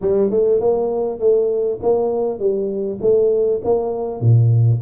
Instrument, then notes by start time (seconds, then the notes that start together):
tuba
0.01 G3
0.30 A3
0.60 A#3
1.19 A3
1.82 A#3
2.39 G3
3.01 A3
3.64 A#3
4.20 A#2